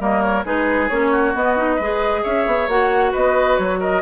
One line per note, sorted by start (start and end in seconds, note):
0.00 0.45 G3
0.00 0.45 A#3
0.00 0.46 A#4
0.00 0.22 D#5
0.22 0.45 C#5
0.45 0.90 G#3
0.45 0.90 D#4
0.45 1.11 G#4
0.45 0.89 B4
0.89 1.35 A#3
0.89 1.35 C#4
0.89 1.33 C#5
1.11 1.76 F#4
1.35 1.80 B3
1.35 1.57 B3
1.35 2.24 D#5
1.57 1.79 D#4
1.76 2.24 G#3
1.76 2.21 B4
1.82 2.70 G#4
2.24 2.47 C#4
2.24 3.12 C#5
2.24 2.69 E5
2.47 2.68 B3
2.68 3.13 A#3
2.68 4.02 F#4
2.68 3.14 F#5
3.12 3.59 B3
3.12 3.79 B4
3.12 3.58 D#5
3.58 4.02 F#3
3.58 3.80 C#5
3.80 4.02 A#4
3.80 4.02 D#5